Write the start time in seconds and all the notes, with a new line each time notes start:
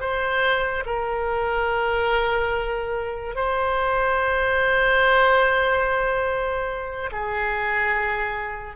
0.00 C5
0.86 A#4
3.35 C5
7.11 G#4